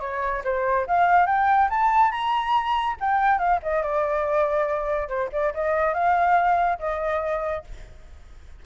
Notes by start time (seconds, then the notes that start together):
0.00 C#5
0.44 C5
0.87 F5
1.26 G5
1.70 A5
2.11 A#5
3.00 G5
3.38 F5
3.62 D#5
3.83 D5
5.08 C5
5.32 D5
5.54 D#5
5.94 F5
6.79 D#5